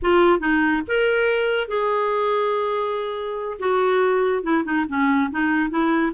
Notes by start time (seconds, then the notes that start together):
0.02 F4
0.39 D#4
0.87 A#4
1.67 G#4
3.59 F#4
4.43 E4
4.64 D#4
4.88 C#4
5.30 D#4
5.69 E4